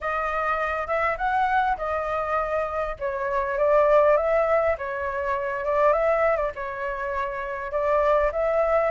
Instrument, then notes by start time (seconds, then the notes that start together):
flute
0.00 D#5
0.87 E5
1.17 F#5
1.77 D#5
2.99 C#5
3.58 D5
4.16 E5
4.78 C#5
5.64 D5
5.92 E5
6.36 D5
6.55 C#5
7.71 D5
8.31 E5